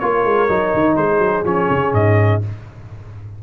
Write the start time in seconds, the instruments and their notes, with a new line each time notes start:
0.00 tuba A#3, trombone F4, horn A#4, trumpet C#5
0.25 tuba G#3
0.49 tuba F#3, trombone D#4
0.74 tuba D#3
0.97 tuba G#3, horn G#4, trumpet C5
1.19 tuba F#3
1.45 tuba F3, trombone C#4, trumpet C#5
1.70 tuba C#3
1.94 tuba G#2, trumpet D#5